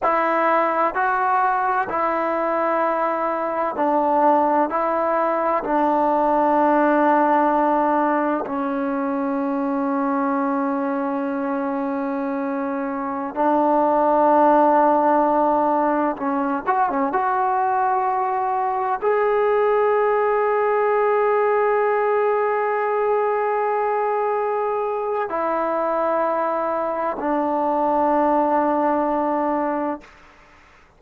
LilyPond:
\new Staff \with { instrumentName = "trombone" } { \time 4/4 \tempo 4 = 64 e'4 fis'4 e'2 | d'4 e'4 d'2~ | d'4 cis'2.~ | cis'2~ cis'16 d'4.~ d'16~ |
d'4~ d'16 cis'8 fis'16 cis'16 fis'4.~ fis'16~ | fis'16 gis'2.~ gis'8.~ | gis'2. e'4~ | e'4 d'2. | }